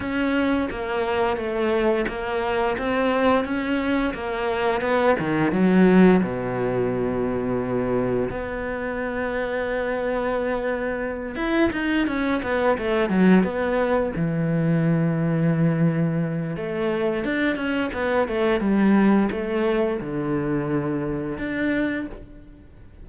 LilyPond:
\new Staff \with { instrumentName = "cello" } { \time 4/4 \tempo 4 = 87 cis'4 ais4 a4 ais4 | c'4 cis'4 ais4 b8 dis8 | fis4 b,2. | b1~ |
b8 e'8 dis'8 cis'8 b8 a8 fis8 b8~ | b8 e2.~ e8 | a4 d'8 cis'8 b8 a8 g4 | a4 d2 d'4 | }